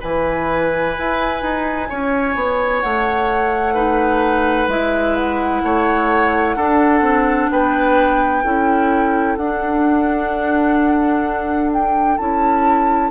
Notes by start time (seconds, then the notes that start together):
0.00 E3 E4 B4 G#5
0.98 E4
1.42 D#4
1.89 C#4 C#5
2.36 B3
2.81 A3 F#5
3.74 D#4 B4
4.68 G#3 E4 E5
5.16 F#5
5.63 A3 C#5
6.56 D4 A4
7.02 C4
7.50 B3 B4 G5
8.43 C#4 E4 A4
9.37 D4 F#5
11.72 G5
12.18 C#4 E4 A5